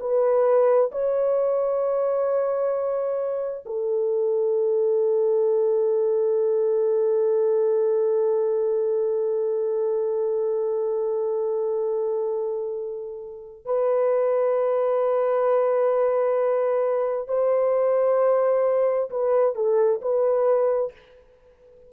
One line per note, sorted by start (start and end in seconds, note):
0.00 0.91 B4
0.91 3.64 C#5
3.66 13.65 A4
13.65 17.28 B4
17.28 19.10 C5
19.10 19.55 B4
19.55 20.00 A4
20.01 20.92 B4